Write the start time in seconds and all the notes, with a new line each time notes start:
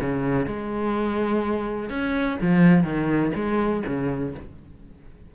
0.00 C#3
0.46 G#3
1.89 C#4
2.41 F3
2.83 D#3
3.35 G#3
3.86 C#3